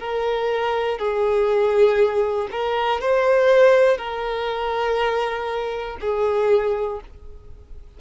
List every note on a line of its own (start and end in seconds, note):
0.00 0.99 A#4
0.99 2.49 G#4
2.52 3.01 A#4
3.01 3.98 C5
3.98 5.98 A#4
6.01 7.01 G#4